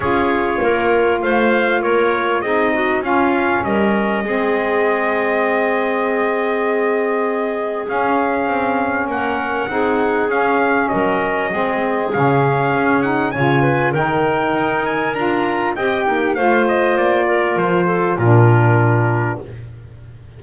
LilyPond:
<<
  \new Staff \with { instrumentName = "trumpet" } { \time 4/4 \tempo 4 = 99 cis''2 f''4 cis''4 | dis''4 f''4 dis''2~ | dis''1~ | dis''4 f''2 fis''4~ |
fis''4 f''4 dis''2 | f''4. fis''8 gis''4 g''4~ | g''8 gis''8 ais''4 g''4 f''8 dis''8 | d''4 c''4 ais'2 | }
  \new Staff \with { instrumentName = "clarinet" } { \time 4/4 gis'4 ais'4 c''4 ais'4 | gis'8 fis'8 f'4 ais'4 gis'4~ | gis'1~ | gis'2. ais'4 |
gis'2 ais'4 gis'4~ | gis'2 cis''8 b'8 ais'4~ | ais'2 dis''8 dis'8 c''4~ | c''8 ais'4 a'8 f'2 | }
  \new Staff \with { instrumentName = "saxophone" } { \time 4/4 f'1 | dis'4 cis'2 c'4~ | c'1~ | c'4 cis'2. |
dis'4 cis'2 c'4 | cis'4. dis'8 f'4 dis'4~ | dis'4 f'4 g'4 f'4~ | f'2 d'2 | }
  \new Staff \with { instrumentName = "double bass" } { \time 4/4 cis'4 ais4 a4 ais4 | c'4 cis'4 g4 gis4~ | gis1~ | gis4 cis'4 c'4 ais4 |
c'4 cis'4 fis4 gis4 | cis4 cis'4 cis4 dis4 | dis'4 d'4 c'8 ais8 a4 | ais4 f4 ais,2 | }
>>